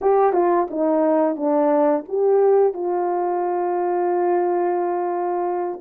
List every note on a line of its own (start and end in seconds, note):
0.01 0.33 G4
0.33 0.67 F4
0.70 1.36 D#4
1.36 2.04 D4
2.08 2.73 G4
2.73 5.80 F4